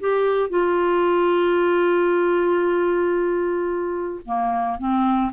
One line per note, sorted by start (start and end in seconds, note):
0.00 0.49 G4
0.49 4.21 F4
4.25 4.78 A#3
4.78 5.31 C4